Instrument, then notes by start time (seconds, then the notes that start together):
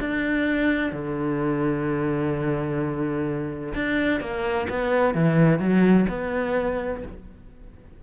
cello
0.00 D4
0.93 D3
3.75 D4
4.21 A#3
4.70 B3
5.15 E3
5.60 F#3
6.09 B3